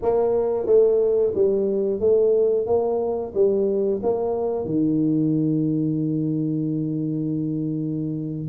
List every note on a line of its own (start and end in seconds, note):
0.02 0.66 A#3
0.66 1.33 A3
1.34 2.00 G3
2.00 2.66 A3
2.66 3.33 A#3
3.34 4.01 G3
4.02 4.65 A#3
4.65 8.48 D#3